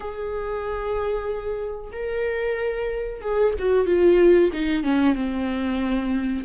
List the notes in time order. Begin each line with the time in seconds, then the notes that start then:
0.00 G#4
1.92 A#4
3.21 G#4
3.58 F#4
3.86 F4
4.52 D#4
4.83 C#4
5.15 C4